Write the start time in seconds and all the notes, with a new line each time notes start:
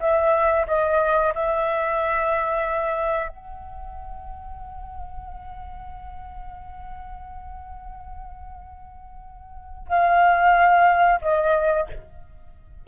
0.00 E5
0.67 D#5
1.35 E5
3.29 F#5
9.88 F5
11.21 D#5